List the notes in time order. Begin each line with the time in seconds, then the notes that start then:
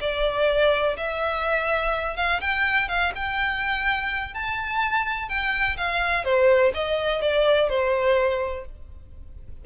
0.00 D5
0.96 E5
2.16 F5
2.40 G5
2.88 F5
3.15 G5
4.34 A5
5.28 G5
5.77 F5
6.24 C5
6.74 D#5
7.21 D5
7.69 C5